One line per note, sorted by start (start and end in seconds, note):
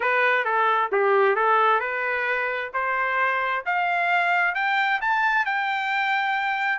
0.00 0.44 B4
0.44 0.90 A4
0.92 1.35 G4
1.35 1.80 A4
1.80 2.70 B4
2.73 3.64 C5
3.65 4.54 F5
4.54 5.00 G5
5.01 5.45 A5
5.45 6.79 G5